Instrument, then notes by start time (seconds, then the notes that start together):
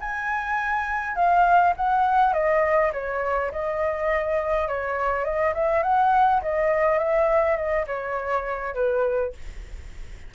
flute
0.00 G#5
1.15 F5
1.76 F#5
2.33 D#5
2.92 C#5
3.51 D#5
4.68 C#5
5.24 D#5
5.54 E5
5.83 F#5
6.42 D#5
6.98 E5
7.56 D#5
7.86 C#5
8.74 B4